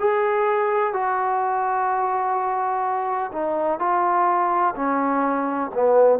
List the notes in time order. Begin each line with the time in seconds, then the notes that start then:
0.00 G#4
0.94 F#4
3.33 D#4
3.80 F4
4.76 C#4
5.74 B3